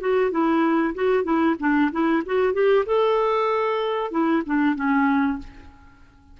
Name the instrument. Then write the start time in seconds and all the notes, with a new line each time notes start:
clarinet
0.00 F#4
0.31 E4
0.95 F#4
1.24 E4
1.59 D4
1.92 E4
2.26 F#4
2.54 G4
2.86 A4
4.11 E4
4.46 D4
4.75 C#4